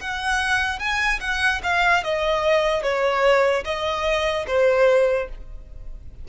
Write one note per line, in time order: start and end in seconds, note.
0.00 0.79 F#5
0.79 1.19 G#5
1.20 1.61 F#5
1.63 2.03 F5
2.03 2.82 D#5
2.82 3.63 C#5
3.64 4.45 D#5
4.47 5.28 C5